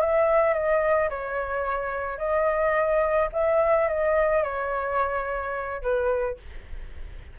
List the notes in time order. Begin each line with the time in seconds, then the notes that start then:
0.00 E5
0.53 D#5
1.09 C#5
2.18 D#5
3.32 E5
3.88 D#5
4.43 C#5
5.82 B4